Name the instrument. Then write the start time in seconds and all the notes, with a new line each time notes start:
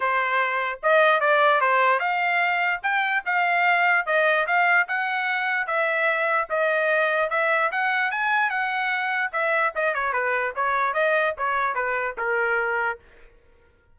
trumpet
0.00 C5
0.82 D#5
1.20 D5
1.60 C5
1.99 F5
2.82 G5
3.25 F5
4.05 D#5
4.46 F5
4.88 F#5
5.66 E5
6.49 D#5
7.30 E5
7.71 F#5
8.11 G#5
8.49 F#5
9.32 E5
9.75 D#5
9.94 C#5
10.12 B4
10.55 C#5
10.93 D#5
11.37 C#5
11.74 B4
12.17 A#4